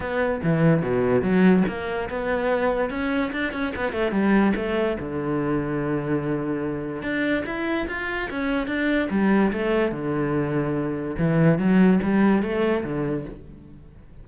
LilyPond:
\new Staff \with { instrumentName = "cello" } { \time 4/4 \tempo 4 = 145 b4 e4 b,4 fis4 | ais4 b2 cis'4 | d'8 cis'8 b8 a8 g4 a4 | d1~ |
d4 d'4 e'4 f'4 | cis'4 d'4 g4 a4 | d2. e4 | fis4 g4 a4 d4 | }